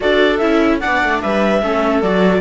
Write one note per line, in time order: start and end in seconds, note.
0.00 0.41 D4
0.00 0.39 F#4
0.00 0.80 A4
0.00 0.38 D5
0.38 0.82 C#4
0.38 0.80 E4
0.38 0.78 E5
0.79 1.03 B3
0.79 1.61 D4
0.79 1.21 D5
0.79 1.20 F#5
1.03 1.23 A3
1.21 1.62 G3
1.21 1.61 B4
1.21 2.02 E5
1.61 2.03 A3
1.61 2.03 C#4
1.61 2.40 A4
2.02 2.40 F#3
2.02 2.40 F#4
2.02 2.40 D5